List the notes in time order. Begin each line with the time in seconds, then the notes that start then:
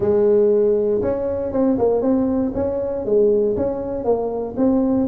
0.00 G#3
1.02 C#4
1.52 C4
1.78 A#3
2.01 C4
2.54 C#4
3.05 G#3
3.56 C#4
4.04 A#3
4.56 C4